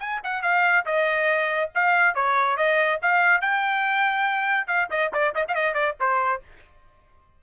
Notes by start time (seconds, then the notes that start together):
0.00 G#5
0.24 F#5
0.43 F5
0.86 D#5
1.75 F5
2.15 C#5
2.57 D#5
3.03 F5
3.42 G5
4.68 F5
4.91 D#5
5.14 D5
5.35 D#5
5.48 F5
5.55 D#5
5.74 D5
6.00 C5